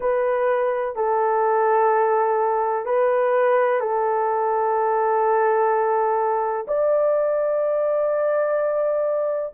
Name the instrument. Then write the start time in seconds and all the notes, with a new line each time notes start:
horn
0.00 B4
0.95 A4
2.85 B4
3.80 A4
6.67 D5